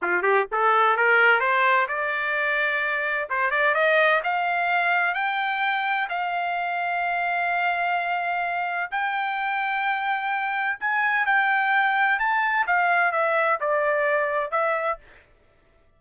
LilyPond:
\new Staff \with { instrumentName = "trumpet" } { \time 4/4 \tempo 4 = 128 f'8 g'8 a'4 ais'4 c''4 | d''2. c''8 d''8 | dis''4 f''2 g''4~ | g''4 f''2.~ |
f''2. g''4~ | g''2. gis''4 | g''2 a''4 f''4 | e''4 d''2 e''4 | }